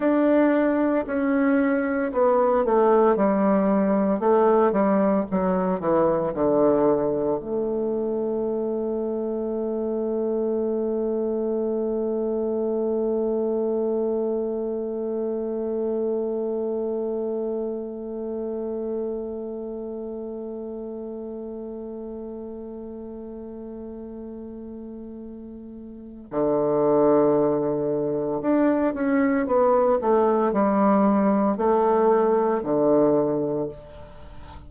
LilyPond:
\new Staff \with { instrumentName = "bassoon" } { \time 4/4 \tempo 4 = 57 d'4 cis'4 b8 a8 g4 | a8 g8 fis8 e8 d4 a4~ | a1~ | a1~ |
a1~ | a1~ | a4 d2 d'8 cis'8 | b8 a8 g4 a4 d4 | }